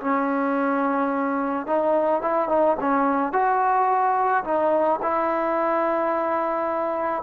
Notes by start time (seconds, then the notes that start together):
0.00 C#4
1.67 D#4
2.22 E4
2.49 D#4
2.80 C#4
3.33 F#4
4.44 D#4
5.02 E4